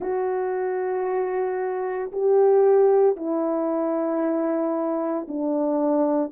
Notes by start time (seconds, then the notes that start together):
0.00 F#4
2.11 G4
3.16 E4
5.28 D4